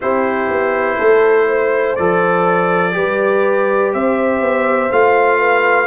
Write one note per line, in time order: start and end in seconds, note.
0.01 0.50 C4
0.01 1.98 E4
0.01 0.97 G4
0.01 1.95 C5
0.50 0.99 B3
0.97 1.98 A3
0.97 1.47 A4
1.49 2.95 C5
1.95 2.96 F3
1.95 2.92 A4
1.95 3.92 D5
2.92 3.94 G3
2.92 4.88 G4
2.92 3.93 B4
3.93 4.41 C4
3.93 5.39 C5
3.93 4.92 E5
4.41 4.90 B3
4.91 5.86 A3
4.91 5.86 F4
4.91 5.86 F5
5.39 5.86 B4